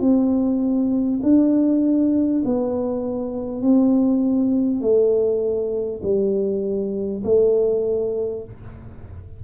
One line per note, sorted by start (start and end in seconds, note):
0.00 1.20 C4
1.23 2.43 D4
2.45 3.62 B3
3.62 4.81 C4
4.81 6.01 A3
6.03 7.23 G3
7.24 8.44 A3